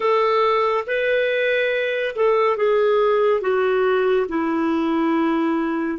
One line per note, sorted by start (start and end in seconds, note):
0.00 0.84 A4
0.86 2.15 B4
2.15 2.56 A4
2.56 3.41 G#4
3.41 4.26 F#4
4.28 5.98 E4